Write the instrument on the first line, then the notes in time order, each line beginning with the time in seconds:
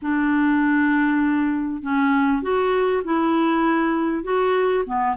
clarinet
0.02 D4
1.82 C#4
2.42 F#4
3.04 E4
4.23 F#4
4.86 B3